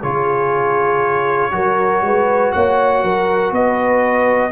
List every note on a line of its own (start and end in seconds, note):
0.00 1.52 C#3
0.00 1.51 F4
0.00 1.50 G#4
0.00 2.52 C#5
1.51 2.02 F#3
1.51 4.51 F#4
1.51 2.04 A#4
2.02 2.52 G#3
2.02 2.55 B4
2.52 3.03 A#3
2.52 3.04 C#5
2.52 3.52 F#5
3.03 3.52 F#3
3.03 3.54 A#4
3.52 4.52 B3
3.52 4.52 B4
3.52 4.52 D#5